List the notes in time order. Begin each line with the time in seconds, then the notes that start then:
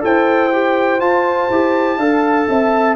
0.00 E4 A4 C5 G5
0.52 G4
1.00 F4 A5
1.50 E4 G4
1.97 D4 A4 F5
2.48 C4 E5